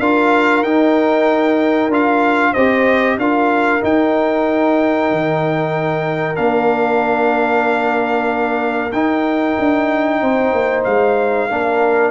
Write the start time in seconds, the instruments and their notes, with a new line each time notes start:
0.00 tuba D4, trombone F4, horn A#4, trumpet F5
0.63 tuba D#4, trombone D#4, trumpet G5
1.90 tuba D4, trombone F4, trumpet F5
2.53 tuba C4, trombone G4, horn C5, trumpet D#5
3.18 tuba D4, trombone F4, horn A#4, trumpet F5
3.82 trombone D#4, tuba D#4, trumpet G5
5.12 tuba D#3
6.36 tuba A#3, trombone D4, trumpet F5
8.92 tuba D#4, trombone D#4, trumpet G5
9.59 tuba D4
10.22 tuba C4, horn C5
10.53 tuba A#3
10.84 tuba G#3, trumpet F5
11.50 tuba A#3, trombone D4, horn A#4